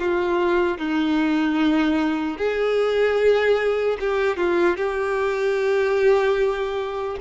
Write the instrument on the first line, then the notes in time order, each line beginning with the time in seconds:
violin
0.00 F4
0.79 D#4
2.38 G#4
4.00 G4
4.37 F4
4.77 G4